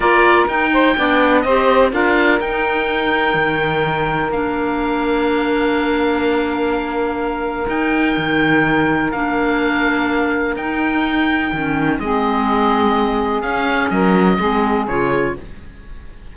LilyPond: <<
  \new Staff \with { instrumentName = "oboe" } { \time 4/4 \tempo 4 = 125 d''4 g''2 dis''4 | f''4 g''2.~ | g''4 f''2.~ | f''1 |
g''2. f''4~ | f''2 g''2~ | g''4 dis''2. | f''4 dis''2 cis''4 | }
  \new Staff \with { instrumentName = "saxophone" } { \time 4/4 ais'4. c''8 d''4 c''4 | ais'1~ | ais'1~ | ais'1~ |
ais'1~ | ais'1~ | ais'4 gis'2.~ | gis'4 ais'4 gis'2 | }
  \new Staff \with { instrumentName = "clarinet" } { \time 4/4 f'4 dis'4 d'4 g'4 | f'4 dis'2.~ | dis'4 d'2.~ | d'1 |
dis'2. d'4~ | d'2 dis'2 | cis'4 c'2. | cis'2 c'4 f'4 | }
  \new Staff \with { instrumentName = "cello" } { \time 4/4 ais4 dis'4 b4 c'4 | d'4 dis'2 dis4~ | dis4 ais2.~ | ais1 |
dis'4 dis2 ais4~ | ais2 dis'2 | dis4 gis2. | cis'4 fis4 gis4 cis4 | }
>>